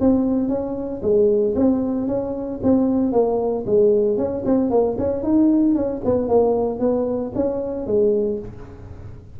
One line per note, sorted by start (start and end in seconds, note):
0.00 0.48 C4
0.48 1.01 C#4
1.02 1.54 G#3
1.55 2.07 C4
2.07 2.60 C#4
2.63 3.12 C4
3.12 3.64 A#3
3.66 4.17 G#3
4.17 4.43 C#4
4.45 4.70 C4
4.70 4.96 A#3
4.98 5.22 C#4
5.22 5.74 D#4
5.74 6.01 C#4
6.04 6.28 B3
6.28 6.79 A#3
6.79 7.32 B3
7.35 7.86 C#4
7.86 8.39 G#3